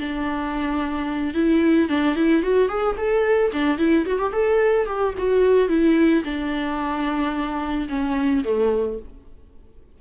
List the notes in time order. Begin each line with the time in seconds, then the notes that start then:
0.00 D4
1.35 E4
1.89 D4
2.15 E4
2.43 F#4
2.69 G#4
2.97 A4
3.53 D4
3.78 E4
4.06 F#4
4.19 G4
4.33 A4
4.87 G4
5.18 F#4
5.69 E4
6.24 D4
7.89 C#4
8.44 A3